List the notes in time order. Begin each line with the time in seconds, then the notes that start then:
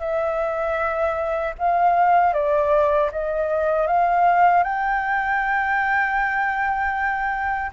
0.00 E5
1.58 F5
2.34 D5
3.12 D#5
3.87 F5
4.63 G5